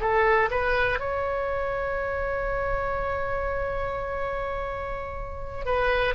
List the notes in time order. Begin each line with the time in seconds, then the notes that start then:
0.00 A4
0.51 B4
0.99 C#5
5.65 B4